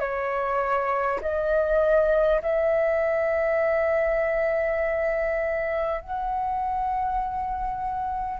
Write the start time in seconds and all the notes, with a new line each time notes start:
0.00 C#5
1.22 D#5
2.42 E5
6.02 F#5